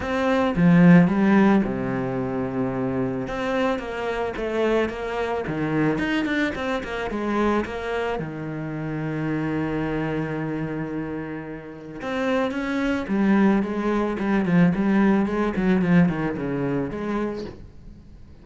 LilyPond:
\new Staff \with { instrumentName = "cello" } { \time 4/4 \tempo 4 = 110 c'4 f4 g4 c4~ | c2 c'4 ais4 | a4 ais4 dis4 dis'8 d'8 | c'8 ais8 gis4 ais4 dis4~ |
dis1~ | dis2 c'4 cis'4 | g4 gis4 g8 f8 g4 | gis8 fis8 f8 dis8 cis4 gis4 | }